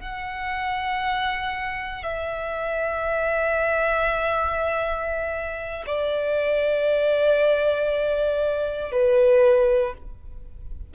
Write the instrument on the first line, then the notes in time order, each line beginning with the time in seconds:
violin
0.00 F#5
2.03 E5
5.87 D5
8.92 B4